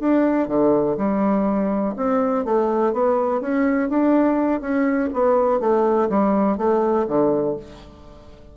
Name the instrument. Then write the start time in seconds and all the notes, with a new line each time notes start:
bassoon
0.00 D4
0.48 D3
0.98 G3
1.97 C4
2.45 A3
2.94 B3
3.41 C#4
3.90 D4
4.61 C#4
5.14 B3
5.61 A3
6.10 G3
6.58 A3
7.08 D3